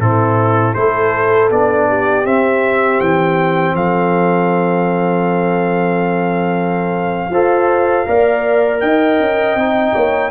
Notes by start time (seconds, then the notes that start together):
0.00 A2 C4 E4 A4
0.75 A3 E4 A4 C5
1.51 B3 D4 D5
1.89 G4
2.25 C4 E5
3.01 E3 G5
3.75 F3 A4 F5
7.30 F4 A4 C5
8.07 A#3 A#4 D5
8.81 D#4 D#5 G5
9.20 C#4
9.56 C4 D#4
9.95 A#3 C#5